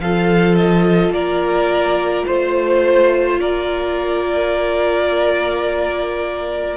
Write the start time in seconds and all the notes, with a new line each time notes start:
0.00 F3 F4 A4 F5
0.55 D#5
1.10 A#3 A#4 D5
2.26 A3 C5
3.39 A#3 A#4 D5